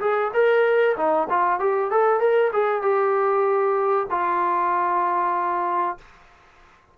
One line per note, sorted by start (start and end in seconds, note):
0.00 0.31 G#4
0.33 0.96 A#4
0.96 1.28 D#4
1.29 1.59 F4
1.59 1.90 G4
1.91 2.20 A4
2.20 2.51 A#4
2.52 2.82 G#4
2.82 4.07 G4
4.10 5.97 F4